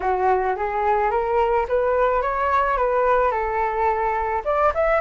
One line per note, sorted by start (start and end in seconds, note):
0.00 0.55 F#4
0.56 1.11 G#4
1.11 1.66 A#4
1.68 2.21 B4
2.21 2.77 C#5
2.77 3.31 B4
3.31 4.42 A4
4.44 4.72 D5
4.74 5.00 E5